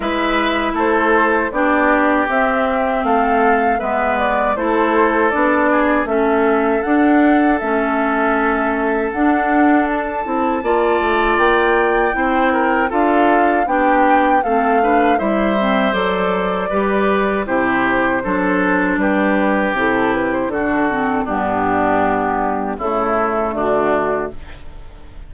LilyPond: <<
  \new Staff \with { instrumentName = "flute" } { \time 4/4 \tempo 4 = 79 e''4 c''4 d''4 e''4 | f''4 e''8 d''8 c''4 d''4 | e''4 fis''4 e''2 | fis''4 a''2 g''4~ |
g''4 f''4 g''4 f''4 | e''4 d''2 c''4~ | c''4 b'4 a'8 b'16 c''16 a'4 | g'2 a'4 fis'4 | }
  \new Staff \with { instrumentName = "oboe" } { \time 4/4 b'4 a'4 g'2 | a'4 b'4 a'4. gis'8 | a'1~ | a'2 d''2 |
c''8 ais'8 a'4 g'4 a'8 b'8 | c''2 b'4 g'4 | a'4 g'2 fis'4 | d'2 e'4 d'4 | }
  \new Staff \with { instrumentName = "clarinet" } { \time 4/4 e'2 d'4 c'4~ | c'4 b4 e'4 d'4 | cis'4 d'4 cis'2 | d'4. e'8 f'2 |
e'4 f'4 d'4 c'8 d'8 | e'8 c'8 a'4 g'4 e'4 | d'2 e'4 d'8 c'8 | b2 a2 | }
  \new Staff \with { instrumentName = "bassoon" } { \time 4/4 gis4 a4 b4 c'4 | a4 gis4 a4 b4 | a4 d'4 a2 | d'4. c'8 ais8 a8 ais4 |
c'4 d'4 b4 a4 | g4 fis4 g4 c4 | fis4 g4 c4 d4 | g,2 cis4 d4 | }
>>